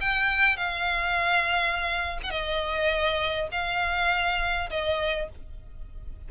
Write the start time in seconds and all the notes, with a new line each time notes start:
0.00 G5
0.56 F5
2.23 F#5
2.30 D#5
3.51 F5
4.70 D#5